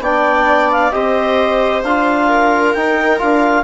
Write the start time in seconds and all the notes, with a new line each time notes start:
0.00 B3 D4 D5 G5
0.72 F5
0.91 C4 G4 C5 D#5
1.83 D4 F4 F5
2.28 A#4
2.74 D#4 G5
3.18 D4 F4 F5